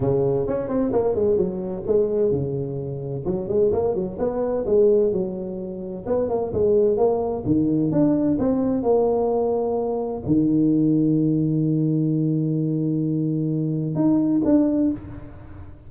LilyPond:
\new Staff \with { instrumentName = "tuba" } { \time 4/4 \tempo 4 = 129 cis4 cis'8 c'8 ais8 gis8 fis4 | gis4 cis2 fis8 gis8 | ais8 fis8 b4 gis4 fis4~ | fis4 b8 ais8 gis4 ais4 |
dis4 d'4 c'4 ais4~ | ais2 dis2~ | dis1~ | dis2 dis'4 d'4 | }